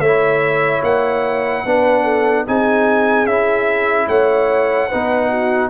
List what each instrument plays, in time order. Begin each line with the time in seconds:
0.00 tuba A3, trombone E4, horn C#5, trumpet E5
0.83 tuba A#3, trumpet F#5
1.66 tuba B3, trombone D4, horn B4
2.04 horn A4
2.47 tuba C4, trombone D#4, horn G#4, trumpet G#5
3.26 tuba C#4, trombone E4, trumpet E5
4.08 tuba A3, horn C#5, trumpet F#5
4.89 tuba B3, trombone D#4, horn B4
5.30 horn F#4